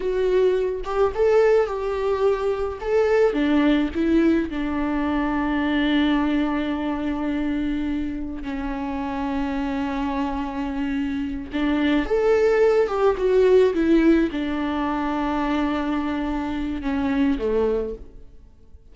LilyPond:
\new Staff \with { instrumentName = "viola" } { \time 4/4 \tempo 4 = 107 fis'4. g'8 a'4 g'4~ | g'4 a'4 d'4 e'4 | d'1~ | d'2. cis'4~ |
cis'1~ | cis'8 d'4 a'4. g'8 fis'8~ | fis'8 e'4 d'2~ d'8~ | d'2 cis'4 a4 | }